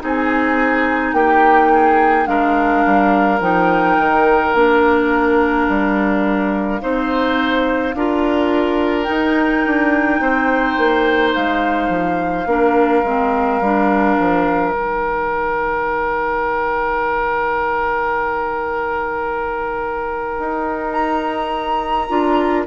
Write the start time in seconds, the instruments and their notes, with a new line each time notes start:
0.00 bassoon C4, clarinet D#4, oboe G#4, flute G#5
1.13 bassoon A#3, oboe G4, flute G5
1.73 oboe G#4
2.26 bassoon G#3, clarinet D4, oboe A#4, flute F5
2.86 bassoon G3
3.41 bassoon F3, clarinet D#4, flute G5
3.98 bassoon D#3
4.54 bassoon A#3, clarinet D4, flute F5
5.69 bassoon G3
6.81 bassoon C4, clarinet D#4, oboe C5
7.95 bassoon D4, clarinet F4, oboe A#4
9.04 clarinet D#4, flute G5
9.10 bassoon D#4
9.67 bassoon D4
10.21 bassoon C4, oboe C5
10.78 bassoon A#3
11.35 bassoon G#3, flute F5
11.89 bassoon F3
12.46 bassoon A#3, clarinet D4, oboe A#4
13.04 bassoon G#3, clarinet C4
13.61 bassoon G3, clarinet D4
14.20 bassoon F3
14.73 bassoon D#3, clarinet D#4, flute G5
20.39 bassoon D#4
20.93 flute A#5
22.09 bassoon D4, clarinet F4